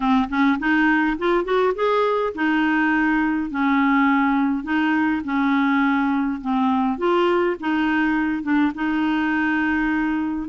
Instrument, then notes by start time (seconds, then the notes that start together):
clarinet
0.00 C4
0.29 C#4
0.59 D#4
1.18 F4
1.44 F#4
1.74 G#4
2.34 D#4
3.50 C#4
4.63 D#4
5.24 C#4
6.41 C4
6.97 F4
7.59 D#4
8.43 D4
8.75 D#4